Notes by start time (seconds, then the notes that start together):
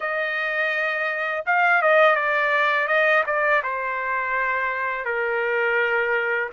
0.00 D#5
1.46 F5
1.81 D#5
2.15 D5
2.87 D#5
3.26 D5
3.63 C5
5.04 A#4